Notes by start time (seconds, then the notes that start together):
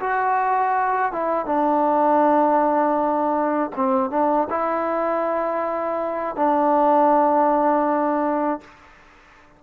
0.00 F#4
1.13 E4
1.46 D4
3.76 C4
4.10 D4
4.50 E4
6.36 D4